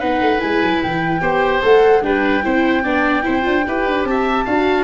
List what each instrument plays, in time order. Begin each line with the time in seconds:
0.00 tuba B3, viola D#4, oboe B4, flute F#5
0.22 tuba A3
0.40 tuba G#3, viola E4, flute G#5
0.62 tuba F#3
0.83 tuba E3, flute G5
1.22 tuba B3, viola G4, oboe C5
1.63 tuba A3, viola A4, flute F#5
2.03 tuba G3, viola D4, oboe B4, flute G5
2.44 tuba C4, viola E4, oboe C5
2.84 tuba B3, viola D4, oboe D5
3.23 tuba C4, viola E4, oboe C5
3.43 tuba D4, viola F4
3.68 tuba E4, viola G4, oboe B4
3.86 tuba D4
4.05 tuba C4, oboe E5, flute A5
4.45 tuba D4, viola F#4, oboe F5